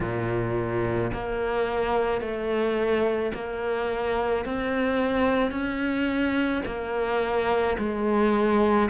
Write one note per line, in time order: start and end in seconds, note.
0.00 1.11 A#2
1.13 2.21 A#3
2.21 3.32 A3
3.34 4.44 A#3
4.44 5.51 C4
5.51 6.62 C#4
6.65 7.76 A#3
7.78 8.89 G#3